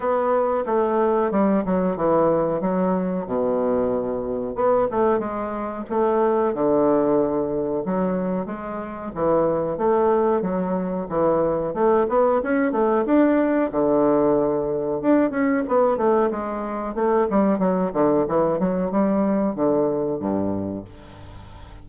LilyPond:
\new Staff \with { instrumentName = "bassoon" } { \time 4/4 \tempo 4 = 92 b4 a4 g8 fis8 e4 | fis4 b,2 b8 a8 | gis4 a4 d2 | fis4 gis4 e4 a4 |
fis4 e4 a8 b8 cis'8 a8 | d'4 d2 d'8 cis'8 | b8 a8 gis4 a8 g8 fis8 d8 | e8 fis8 g4 d4 g,4 | }